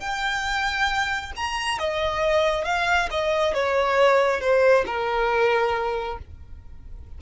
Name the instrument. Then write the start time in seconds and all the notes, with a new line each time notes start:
violin
0.00 G5
1.36 A#5
1.79 D#5
2.65 F5
3.11 D#5
3.54 C#5
4.41 C5
4.86 A#4